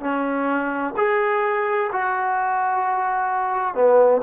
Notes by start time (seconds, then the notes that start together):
0.00 C#4
0.97 G#4
1.92 F#4
3.75 B3